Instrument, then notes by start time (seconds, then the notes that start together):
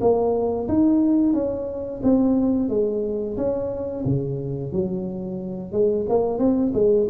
tuba
0.00 A#3
0.68 D#4
1.33 C#4
2.03 C4
2.69 G#3
3.36 C#4
4.04 C#3
4.72 F#3
5.72 G#3
6.08 A#3
6.38 C4
6.74 G#3